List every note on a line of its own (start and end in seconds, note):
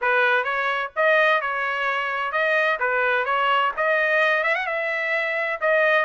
0.01 0.43 B4
0.43 0.90 C#5
0.96 1.41 D#5
1.41 2.32 C#5
2.32 2.78 D#5
2.79 3.25 B4
3.25 3.71 C#5
3.76 4.43 D#5
4.43 4.55 E5
4.55 4.66 F#5
4.66 5.59 E5
5.60 6.05 D#5